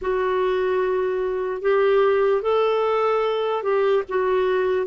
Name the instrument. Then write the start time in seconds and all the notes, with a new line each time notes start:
clarinet
0.01 F#4
1.61 G4
2.41 A4
3.62 G4
4.08 F#4